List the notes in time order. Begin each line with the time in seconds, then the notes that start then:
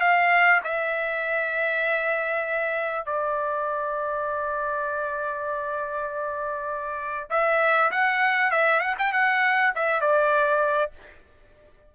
0.00 F5
0.64 E5
3.05 D5
7.30 E5
7.91 F#5
8.51 E5
8.80 F#5
8.98 G5
9.12 F#5
9.75 E5
10.01 D5